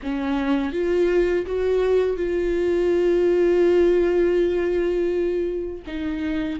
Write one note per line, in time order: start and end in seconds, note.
0.02 0.72 C#4
0.72 1.45 F4
1.46 2.16 F#4
2.16 5.82 F4
5.86 6.60 D#4